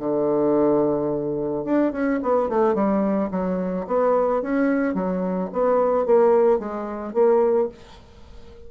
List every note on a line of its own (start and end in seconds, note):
0.00 1.65 D3
1.65 1.93 D4
1.93 2.20 C#4
2.23 2.49 B3
2.49 2.75 A3
2.75 3.30 G3
3.32 3.87 F#3
3.88 4.43 B3
4.43 4.95 C#4
4.95 5.50 F#3
5.53 6.06 B3
6.06 6.60 A#3
6.60 7.14 G#3
7.14 7.69 A#3